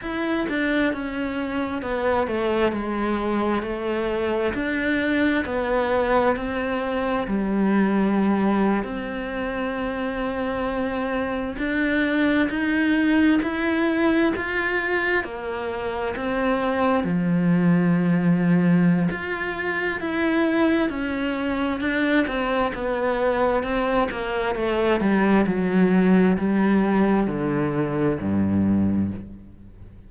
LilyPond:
\new Staff \with { instrumentName = "cello" } { \time 4/4 \tempo 4 = 66 e'8 d'8 cis'4 b8 a8 gis4 | a4 d'4 b4 c'4 | g4.~ g16 c'2~ c'16~ | c'8. d'4 dis'4 e'4 f'16~ |
f'8. ais4 c'4 f4~ f16~ | f4 f'4 e'4 cis'4 | d'8 c'8 b4 c'8 ais8 a8 g8 | fis4 g4 d4 g,4 | }